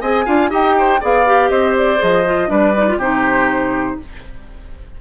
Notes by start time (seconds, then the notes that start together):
0.00 C4 G#4 D#5 G#5
0.25 D4 F4 F5
0.50 D#4 G4 D#5 G5
0.78 C5
1.00 B3 G#4 D5 F5
1.26 G4
1.50 C4 C5 D#5
1.77 D5
1.98 F3 G#4 D#5
2.25 F4
2.47 G3 D4 B4 D5
2.77 D#4
2.88 F4
2.97 C3 D#4 G4 C5